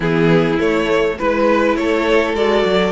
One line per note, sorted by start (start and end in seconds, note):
0.00 0.58 E3
0.00 0.58 B3
0.00 1.16 E4
0.00 0.59 G#4
0.58 1.17 A3
0.58 1.18 A3
0.58 1.18 C#5
1.18 1.76 G#3
1.18 2.36 E4
1.18 1.77 B4
1.18 1.76 B4
1.76 2.34 A3
1.76 2.92 A4
1.76 2.35 C#5
2.34 2.63 G#3
2.34 2.92 F#4
2.34 2.92 D5
2.65 2.92 F#3